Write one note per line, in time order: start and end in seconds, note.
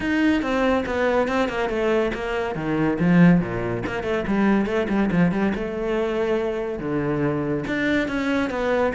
0.00 0.42 D#4
0.42 0.84 C4
0.85 1.28 B3
1.28 1.48 C4
1.48 1.69 A#3
1.69 2.11 A3
2.14 2.55 A#3
2.55 2.97 D#3
2.99 3.40 F3
3.40 3.83 A#2
3.86 4.03 A#3
4.03 4.24 A3
4.27 4.66 G3
4.66 4.87 A3
4.88 5.10 G3
5.11 5.31 F3
5.31 5.53 G3
5.54 6.79 A3
6.79 7.64 D3
7.67 8.08 D4
8.08 8.50 C#4
8.50 8.92 B3